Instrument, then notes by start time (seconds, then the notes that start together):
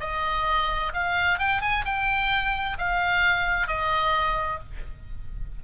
oboe
0.00 D#5
0.94 F5
1.38 G5
1.61 G#5
1.85 G5
2.78 F5
3.67 D#5